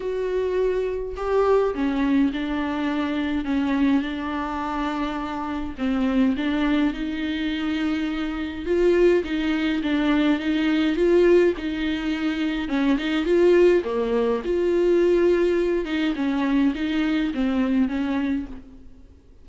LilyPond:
\new Staff \with { instrumentName = "viola" } { \time 4/4 \tempo 4 = 104 fis'2 g'4 cis'4 | d'2 cis'4 d'4~ | d'2 c'4 d'4 | dis'2. f'4 |
dis'4 d'4 dis'4 f'4 | dis'2 cis'8 dis'8 f'4 | ais4 f'2~ f'8 dis'8 | cis'4 dis'4 c'4 cis'4 | }